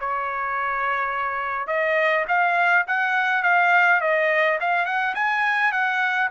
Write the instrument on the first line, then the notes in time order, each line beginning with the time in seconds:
trumpet
0.00 C#5
1.68 D#5
2.28 F5
2.88 F#5
3.43 F5
4.01 D#5
4.60 F5
4.86 F#5
5.15 G#5
5.72 F#5